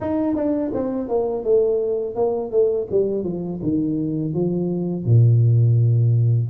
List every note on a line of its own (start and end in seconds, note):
0.00 0.35 D#4
0.35 0.71 D4
0.74 1.08 C4
1.08 1.44 A#3
1.44 2.15 A3
2.15 2.51 A#3
2.51 2.87 A3
2.90 3.23 G3
3.23 3.59 F3
3.62 4.33 D#3
4.33 5.05 F3
5.05 6.49 A#2